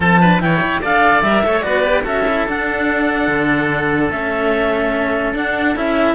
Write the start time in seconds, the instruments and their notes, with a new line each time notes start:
0.00 cello F3 C4, oboe A4, clarinet A5
0.20 cello D4, oboe B4
0.39 cello E3 E4, oboe C#5, clarinet G5
0.62 cello E4
0.81 cello D4 A4, oboe D5, clarinet F5
1.22 cello G3 A#4, clarinet E5
1.44 cello A3 A4, oboe C#5
1.61 cello B3 F#4, oboe B4, clarinet D5
1.83 cello G4
2.03 cello C#4 F#4, oboe A4, clarinet E5
2.27 cello E4
2.47 cello D4, clarinet F#5
3.27 cello D3
4.09 cello A3 C#4, clarinet E5
5.33 cello D4, clarinet F#5
5.75 cello C#4 E4, clarinet E5